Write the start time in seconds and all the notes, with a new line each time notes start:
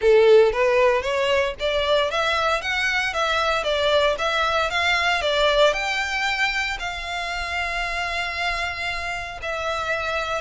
0.01 A4
0.52 B4
1.02 C#5
1.59 D5
2.10 E5
2.61 F#5
3.13 E5
3.63 D5
4.18 E5
4.70 F5
5.21 D5
5.73 G5
6.79 F5
9.42 E5